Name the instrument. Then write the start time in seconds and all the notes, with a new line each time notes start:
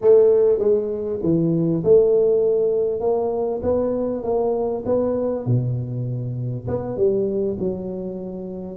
tuba
0.01 A3
0.59 G#3
1.22 E3
1.83 A3
3.00 A#3
3.63 B3
4.23 A#3
4.85 B3
5.45 B2
6.67 B3
6.96 G3
7.59 F#3